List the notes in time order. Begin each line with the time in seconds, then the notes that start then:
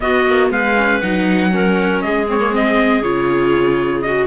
0.00 B3 F#4 D#5
0.26 A#3
0.50 G#3 B4 F5
0.76 C#4
1.00 F#3 D#4 F#5
1.50 C#4 A#4
2.01 G#3 G#4 D#5
2.27 C4 C#5
2.39 A#3
2.51 C4 D#5
3.01 C#3 F4 C#5
4.01 F#4 D#5